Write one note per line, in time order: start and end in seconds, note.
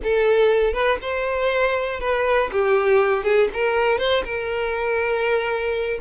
0.03 0.73 A4
0.73 0.98 B4
1.01 2.00 C5
2.00 2.50 B4
2.52 3.23 G4
3.23 3.48 G#4
3.53 3.98 A#4
3.98 4.23 C5
4.24 5.99 A#4